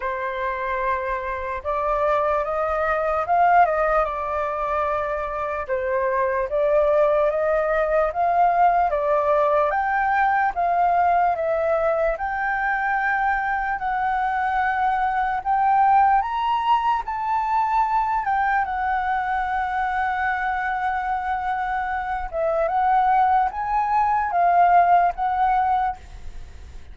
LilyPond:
\new Staff \with { instrumentName = "flute" } { \time 4/4 \tempo 4 = 74 c''2 d''4 dis''4 | f''8 dis''8 d''2 c''4 | d''4 dis''4 f''4 d''4 | g''4 f''4 e''4 g''4~ |
g''4 fis''2 g''4 | ais''4 a''4. g''8 fis''4~ | fis''2.~ fis''8 e''8 | fis''4 gis''4 f''4 fis''4 | }